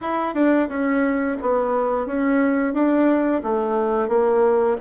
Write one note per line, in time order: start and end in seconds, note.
0.01 0.34 E4
0.34 0.68 D4
0.68 1.36 C#4
1.41 2.06 B3
2.06 2.73 C#4
2.73 3.41 D4
3.43 4.08 A3
4.08 4.76 A#3